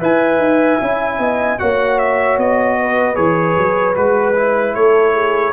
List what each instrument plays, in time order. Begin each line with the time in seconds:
0.00 tuba E4, trombone B4, horn E5, trumpet G#5
0.38 tuba D#4
0.81 tuba C#4, trombone E4
1.19 tuba B3, horn D#5
1.60 tuba A#3, trombone F#4, horn C#5, trumpet F#5
1.99 trumpet E5
2.38 tuba B3, trumpet D#5
2.80 horn B4
3.15 tuba E3, trombone G#4, trumpet C#5
3.57 tuba F#3
3.95 tuba G#3, trombone F#4, trumpet B4
4.36 trombone E4
4.75 tuba A3, horn A4, trumpet C#5
5.13 horn G#4